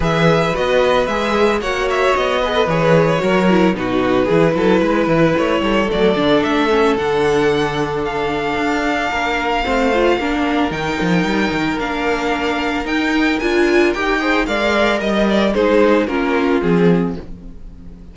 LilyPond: <<
  \new Staff \with { instrumentName = "violin" } { \time 4/4 \tempo 4 = 112 e''4 dis''4 e''4 fis''8 e''8 | dis''4 cis''2 b'4~ | b'2 cis''4 d''4 | e''4 fis''2 f''4~ |
f''1 | g''2 f''2 | g''4 gis''4 g''4 f''4 | dis''8 d''8 c''4 ais'4 gis'4 | }
  \new Staff \with { instrumentName = "violin" } { \time 4/4 b'2. cis''4~ | cis''8 b'4. ais'4 fis'4 | gis'8 a'8 b'4. a'4.~ | a'1~ |
a'4 ais'4 c''4 ais'4~ | ais'1~ | ais'2~ ais'8 c''8 d''4 | dis''4 gis'4 f'2 | }
  \new Staff \with { instrumentName = "viola" } { \time 4/4 gis'4 fis'4 gis'4 fis'4~ | fis'8 gis'16 a'16 gis'4 fis'8 e'8 dis'4 | e'2. a8 d'8~ | d'8 cis'8 d'2.~ |
d'2 c'8 f'8 d'4 | dis'2 d'2 | dis'4 f'4 g'8 gis'8 ais'4~ | ais'4 dis'4 cis'4 c'4 | }
  \new Staff \with { instrumentName = "cello" } { \time 4/4 e4 b4 gis4 ais4 | b4 e4 fis4 b,4 | e8 fis8 gis8 e8 a8 g8 fis8 d8 | a4 d2. |
d'4 ais4 a4 ais4 | dis8 f8 g8 dis8 ais2 | dis'4 d'4 dis'4 gis4 | g4 gis4 ais4 f4 | }
>>